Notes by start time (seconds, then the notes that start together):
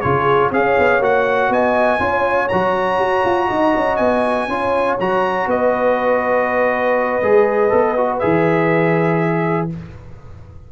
0.00 C#3 F4 G#4 C#5
0.51 C#4 G#4 C#5 F5
0.78 B3
0.99 A#3 F#4 F#5
1.49 B3 D#5 G#5
1.99 C#4 F4 C#5
2.48 F#3 F#4 A#5
2.98 F#4
3.25 F4
3.47 D#4 D#5
3.75 C#4
3.96 B3 G#5
4.47 C#4 F4 C#5
4.99 F#3 F#4 A#5
5.46 B3 B4 D#5
7.22 G#3 G#4
7.69 B3 A4
7.96 F#4
8.19 E3 G#4 E5